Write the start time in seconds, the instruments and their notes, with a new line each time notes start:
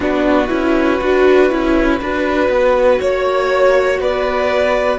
0.00 cello B3, viola D4, violin F#4 B4
0.47 cello C#4, viola E4
1.00 cello D4, viola F#4
1.50 cello C#4, viola E4
2.00 cello D4, viola F#4, violin B4
2.49 cello B3
2.99 cello A#3, violin C#5
3.99 cello B3, violin B4 D5